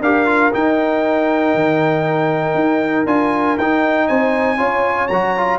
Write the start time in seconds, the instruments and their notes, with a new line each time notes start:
0.00 tuba D4, trombone G4, horn A#4, trumpet F5
0.25 trombone F4
0.52 trombone D#4, tuba D#4, trumpet G5
1.54 tuba D#3
2.54 tuba D#4
3.06 tuba D4, trombone F4, trumpet G#5
3.57 tuba D#4, trombone D#4, trumpet G5
4.07 tuba C4, horn C5, trumpet G#5
4.57 tuba C#4, trombone F4, horn C#5
5.07 tuba F#3, trombone F#4, trumpet A#5
5.37 trombone F4